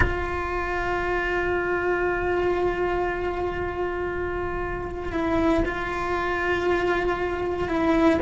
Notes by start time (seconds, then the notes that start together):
0.00 F4
5.12 E4
5.65 F4
7.68 E4